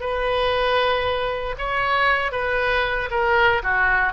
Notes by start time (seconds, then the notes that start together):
0.00 B4
1.58 C#5
2.31 B4
3.10 A#4
3.63 F#4